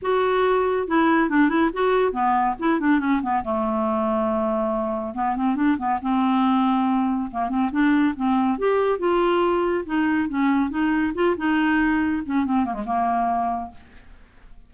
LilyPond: \new Staff \with { instrumentName = "clarinet" } { \time 4/4 \tempo 4 = 140 fis'2 e'4 d'8 e'8 | fis'4 b4 e'8 d'8 cis'8 b8 | a1 | b8 c'8 d'8 b8 c'2~ |
c'4 ais8 c'8 d'4 c'4 | g'4 f'2 dis'4 | cis'4 dis'4 f'8 dis'4.~ | dis'8 cis'8 c'8 ais16 gis16 ais2 | }